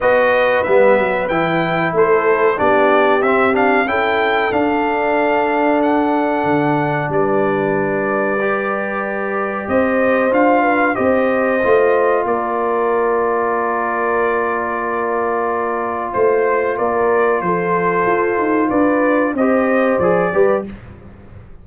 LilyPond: <<
  \new Staff \with { instrumentName = "trumpet" } { \time 4/4 \tempo 4 = 93 dis''4 e''4 g''4 c''4 | d''4 e''8 f''8 g''4 f''4~ | f''4 fis''2 d''4~ | d''2. dis''4 |
f''4 dis''2 d''4~ | d''1~ | d''4 c''4 d''4 c''4~ | c''4 d''4 dis''4 d''4 | }
  \new Staff \with { instrumentName = "horn" } { \time 4/4 b'2. a'4 | g'2 a'2~ | a'2. b'4~ | b'2. c''4~ |
c''8 b'8 c''2 ais'4~ | ais'1~ | ais'4 c''4 ais'4 a'4~ | a'4 b'4 c''4. b'8 | }
  \new Staff \with { instrumentName = "trombone" } { \time 4/4 fis'4 b4 e'2 | d'4 c'8 d'8 e'4 d'4~ | d'1~ | d'4 g'2. |
f'4 g'4 f'2~ | f'1~ | f'1~ | f'2 g'4 gis'8 g'8 | }
  \new Staff \with { instrumentName = "tuba" } { \time 4/4 b4 g8 fis8 e4 a4 | b4 c'4 cis'4 d'4~ | d'2 d4 g4~ | g2. c'4 |
d'4 c'4 a4 ais4~ | ais1~ | ais4 a4 ais4 f4 | f'8 dis'8 d'4 c'4 f8 g8 | }
>>